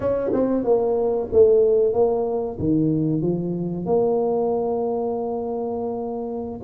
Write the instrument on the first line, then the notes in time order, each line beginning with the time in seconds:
tuba
0.00 C#4
0.33 C4
0.64 A#3
1.32 A3
1.93 A#3
2.59 D#3
3.21 F3
3.85 A#3